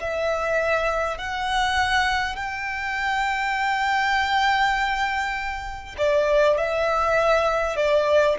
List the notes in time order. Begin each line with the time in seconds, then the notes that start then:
0.00 E5
1.18 F#5
2.36 G5
5.97 D5
6.57 E5
7.76 D5